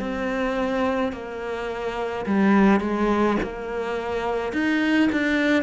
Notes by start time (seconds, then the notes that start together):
0.00 C4
1.13 A#3
2.26 G3
2.81 G#3
3.43 A#3
4.53 D#4
5.13 D4